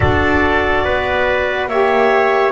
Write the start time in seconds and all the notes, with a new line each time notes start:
0.00 D4 F#4 A4 D5
0.84 B3 B4
1.67 A#3 G4 C#5 E5